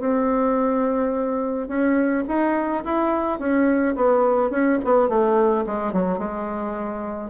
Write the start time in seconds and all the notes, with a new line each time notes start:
0.00 C4
1.68 C#4
2.28 D#4
2.84 E4
3.39 C#4
3.95 B3
4.50 C#4
4.84 B3
5.08 A3
5.66 G#3
5.93 F#3
6.19 G#3